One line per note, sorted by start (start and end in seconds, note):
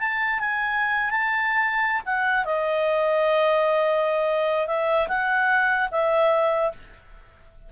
0.00 0.40 A5
0.40 1.11 G#5
1.11 2.02 A5
2.06 2.45 F#5
2.45 4.68 D#5
4.68 5.08 E5
5.08 5.89 F#5
5.91 6.72 E5